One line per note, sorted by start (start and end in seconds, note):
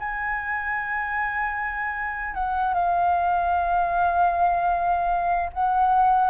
0.00 2.35 G#5
2.35 2.74 F#5
2.74 5.50 F5
5.53 6.31 F#5